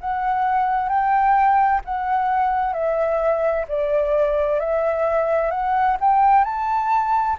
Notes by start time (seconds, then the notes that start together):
0.00 F#5
0.88 G5
1.85 F#5
2.73 E5
3.68 D5
4.59 E5
5.50 F#5
6.00 G5
6.44 A5